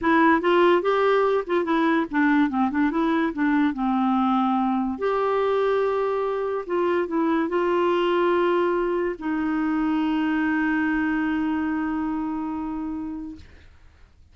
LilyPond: \new Staff \with { instrumentName = "clarinet" } { \time 4/4 \tempo 4 = 144 e'4 f'4 g'4. f'8 | e'4 d'4 c'8 d'8 e'4 | d'4 c'2. | g'1 |
f'4 e'4 f'2~ | f'2 dis'2~ | dis'1~ | dis'1 | }